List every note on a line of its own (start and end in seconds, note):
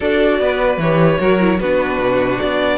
0.00 0.39 D4
0.00 0.80 F#4
0.00 0.39 A4
0.00 0.80 D5
0.39 0.77 B3
0.39 1.19 B4
0.77 1.17 E3
0.77 1.19 G4
0.77 1.59 C#5
1.19 1.60 F#3
1.19 1.39 F#4
1.19 1.59 A#4
1.39 1.59 E4
1.59 1.99 B3
1.59 2.77 D4
1.59 2.77 F#4
1.59 2.39 B4
1.99 2.39 B2
2.39 2.77 B3
2.39 2.77 D5